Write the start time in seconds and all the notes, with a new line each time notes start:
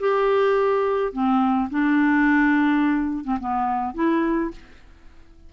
0.00 G4
1.13 C4
1.70 D4
3.24 C4
3.40 B3
3.94 E4